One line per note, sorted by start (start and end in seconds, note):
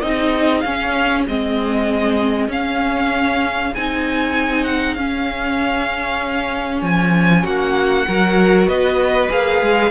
0.00 0.64 C4
0.00 0.64 D#4
0.00 7.43 G#4
0.00 0.60 D#5
0.60 1.26 C#4
0.60 1.27 C#4
0.60 1.22 F5
1.28 2.48 G#3
1.28 2.49 C4
1.28 2.51 D#5
2.48 3.71 C#4
2.48 3.72 C#4
2.48 3.74 F5
3.74 4.96 C4
3.74 4.97 D#4
3.74 4.64 G#5
4.64 4.94 F#5
4.94 6.82 C#4
4.94 8.07 C#4
4.94 6.80 F5
6.82 7.43 F3
6.82 7.46 G#5
7.43 8.06 A#3
7.43 8.05 F#4
7.43 8.68 F#5
8.07 8.67 F#3
8.07 9.29 F#4
8.07 8.68 A#4
8.67 9.29 B3
8.67 9.90 B4
8.67 9.30 D#5
9.29 9.62 A#3
9.29 9.90 G#4
9.29 9.90 F5
9.62 9.90 G#3